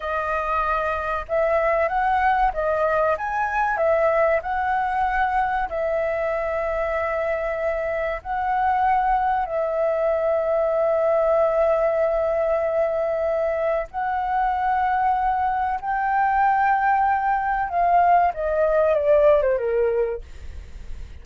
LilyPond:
\new Staff \with { instrumentName = "flute" } { \time 4/4 \tempo 4 = 95 dis''2 e''4 fis''4 | dis''4 gis''4 e''4 fis''4~ | fis''4 e''2.~ | e''4 fis''2 e''4~ |
e''1~ | e''2 fis''2~ | fis''4 g''2. | f''4 dis''4 d''8. c''16 ais'4 | }